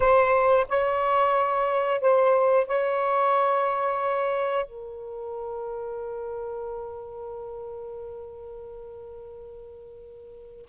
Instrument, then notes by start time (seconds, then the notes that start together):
saxophone
0.00 C5
0.68 C#5
2.01 C5
2.67 C#5
4.65 A#4